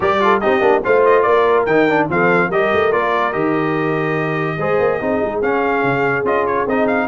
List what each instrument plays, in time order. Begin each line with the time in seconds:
0.00 tuba G3, trombone G4, horn A#4, trumpet D5
0.20 trombone F4, horn A4
0.40 tuba C4, trombone D#4, horn G4, trumpet D#5
0.60 tuba A#3, trombone D4
0.84 tuba A3, trombone F4, horn C5, trumpet F5
1.05 trumpet D#5
1.22 tuba A#3, horn A#4, trumpet D5
1.65 tuba D#3, trombone D#4, trumpet G5
1.89 trombone D4
2.09 tuba F3, trombone C4, horn A4, trumpet F5
2.47 tuba G3, trombone G4, horn A#4, trumpet D#5
2.73 tuba A3
2.91 tuba A#3, trombone F4, trumpet D5
3.32 tuba D#3, trombone G4, trumpet D#5
4.57 tuba G#3, trombone G#4, horn C5
4.79 tuba A#3
5.00 tuba C4, trombone D#4, horn G#4
5.23 tuba G#3
5.42 tuba C#4, trombone C#4, trumpet F5
5.83 tuba C#3
6.24 tuba C#4, trombone F4, trumpet D#5
6.46 trumpet C#5
6.66 tuba C4, trombone D#4, trumpet D#5
6.87 trumpet F5